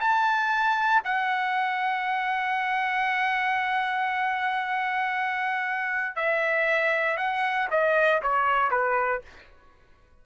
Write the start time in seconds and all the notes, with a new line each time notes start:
0.00 A5
1.04 F#5
6.16 E5
7.17 F#5
7.71 D#5
8.22 C#5
8.71 B4